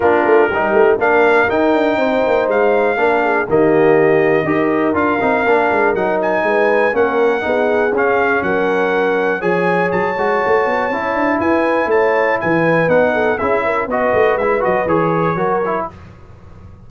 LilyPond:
<<
  \new Staff \with { instrumentName = "trumpet" } { \time 4/4 \tempo 4 = 121 ais'2 f''4 g''4~ | g''4 f''2 dis''4~ | dis''2 f''2 | fis''8 gis''4. fis''2 |
f''4 fis''2 gis''4 | a''2. gis''4 | a''4 gis''4 fis''4 e''4 | dis''4 e''8 dis''8 cis''2 | }
  \new Staff \with { instrumentName = "horn" } { \time 4/4 f'4 g'4 ais'2 | c''2 ais'8 gis'8 g'4~ | g'4 ais'2.~ | ais'4 b'4 ais'4 gis'4~ |
gis'4 ais'2 cis''4~ | cis''2. b'4 | cis''4 b'4. a'8 gis'8 ais'8 | b'2. ais'4 | }
  \new Staff \with { instrumentName = "trombone" } { \time 4/4 d'4 dis'4 d'4 dis'4~ | dis'2 d'4 ais4~ | ais4 g'4 f'8 dis'8 d'4 | dis'2 cis'4 dis'4 |
cis'2. gis'4~ | gis'8 fis'4. e'2~ | e'2 dis'4 e'4 | fis'4 e'8 fis'8 gis'4 fis'8 e'8 | }
  \new Staff \with { instrumentName = "tuba" } { \time 4/4 ais8 a8 g8 a8 ais4 dis'8 d'8 | c'8 ais8 gis4 ais4 dis4~ | dis4 dis'4 d'8 c'8 ais8 gis8 | fis4 gis4 ais4 b4 |
cis'4 fis2 f4 | fis8 gis8 a8 b8 cis'8 d'8 e'4 | a4 e4 b4 cis'4 | b8 a8 gis8 fis8 e4 fis4 | }
>>